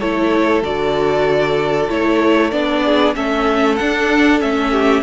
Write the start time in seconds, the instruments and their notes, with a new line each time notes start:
0.00 cello A3, viola E4, violin A4 C#5
0.63 cello D3, viola F#4, violin D5
1.89 cello A3, viola E4, violin C#5
2.51 cello B3, viola D4, violin D5
2.84 violin G#4
3.15 cello A3, viola C#4, violin A4 E5
3.77 viola D4, cello D4, violin F#5
4.40 cello A3, viola C#4, violin E5
4.72 violin G4